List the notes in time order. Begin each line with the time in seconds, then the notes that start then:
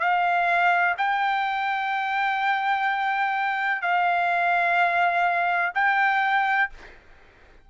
0.00 F5
0.98 G5
3.82 F5
5.75 G5